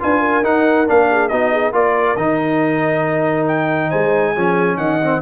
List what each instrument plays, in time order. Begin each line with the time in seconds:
0.00 tuba D4, trombone F4, horn B4, trumpet G#5
0.20 horn A#4
0.43 tuba D#4, trombone D#4, trumpet F#5
0.87 tuba A#3, trombone D4, trumpet F5
1.10 horn G#4
1.28 tuba B3, trombone D#4, horn F#4, trumpet D#5
1.52 horn G#4
1.73 tuba A#3, trombone F4, horn A#4, trumpet D5
2.16 tuba D#3, trombone D#4, trumpet D#5
3.48 trumpet G5
3.89 tuba G#3, horn C5, trumpet G#5
4.36 tuba F3, trombone C#4, horn G#4
4.77 tuba D#3, horn D#5, trumpet F#5
5.02 trombone C4